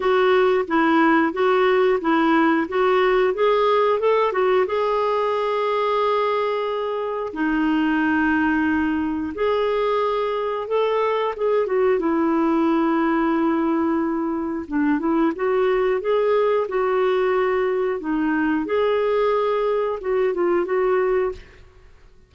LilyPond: \new Staff \with { instrumentName = "clarinet" } { \time 4/4 \tempo 4 = 90 fis'4 e'4 fis'4 e'4 | fis'4 gis'4 a'8 fis'8 gis'4~ | gis'2. dis'4~ | dis'2 gis'2 |
a'4 gis'8 fis'8 e'2~ | e'2 d'8 e'8 fis'4 | gis'4 fis'2 dis'4 | gis'2 fis'8 f'8 fis'4 | }